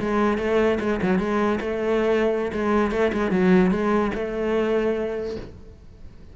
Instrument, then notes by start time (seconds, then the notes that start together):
cello
0.00 G#3
0.39 A3
0.80 G#3
1.02 F#3
1.19 G#3
1.61 A3
2.53 G#3
2.92 A3
3.13 G#3
3.32 F#3
3.71 G#3
4.15 A3